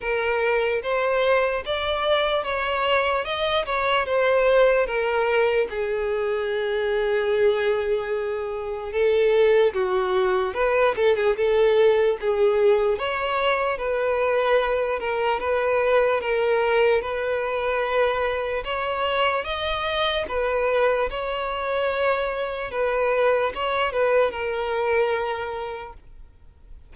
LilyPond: \new Staff \with { instrumentName = "violin" } { \time 4/4 \tempo 4 = 74 ais'4 c''4 d''4 cis''4 | dis''8 cis''8 c''4 ais'4 gis'4~ | gis'2. a'4 | fis'4 b'8 a'16 gis'16 a'4 gis'4 |
cis''4 b'4. ais'8 b'4 | ais'4 b'2 cis''4 | dis''4 b'4 cis''2 | b'4 cis''8 b'8 ais'2 | }